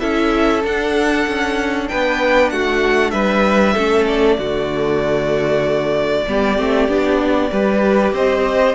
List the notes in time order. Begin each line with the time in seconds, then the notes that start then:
0.00 C#4 E4 A4 E5
0.64 D4 F#5
1.27 C#4
1.88 B3 B4 G5
2.50 A3 F#4 F#5
3.11 G3 B4 E5
3.74 A3 C#4 A4
4.07 D5
4.38 D3 A3 F#4
6.27 G3 B3 G4
6.58 A3 C4
6.89 B3 D4
7.51 G3 G4 B4
8.12 C4 C5 D#5